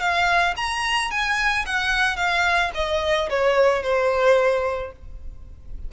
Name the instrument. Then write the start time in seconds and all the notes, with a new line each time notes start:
violin
0.00 F5
0.57 A#5
1.11 G#5
1.66 F#5
2.16 F5
2.74 D#5
3.30 C#5
3.83 C5